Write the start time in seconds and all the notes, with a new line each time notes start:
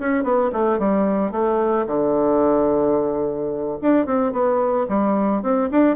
0.00 C#4
0.24 B3
0.53 A3
0.79 G3
1.32 A3
1.87 D3
3.82 D4
4.06 C4
4.33 B3
4.89 G3
5.43 C4
5.71 D4